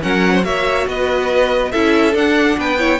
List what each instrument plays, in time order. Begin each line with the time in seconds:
0.00 cello F#3, viola C#4, violin A#4 F#5
0.34 violin C5
0.43 cello A#3, viola F#4, violin C#5 E5
0.87 cello B3, violin B4 D#5
1.71 cello C#4, viola E4, violin A4 E5
2.12 viola D4, cello D4, violin F#5
2.57 cello B3, violin B4 G5
2.79 viola E4, violin C#5